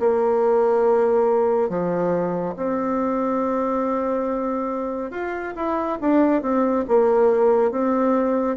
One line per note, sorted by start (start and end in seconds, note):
0.00 1.69 A#3
1.69 2.55 F3
2.57 5.12 C4
5.12 5.54 F4
5.56 5.99 E4
6.01 6.42 D4
6.42 6.85 C4
6.88 7.71 A#3
7.71 8.57 C4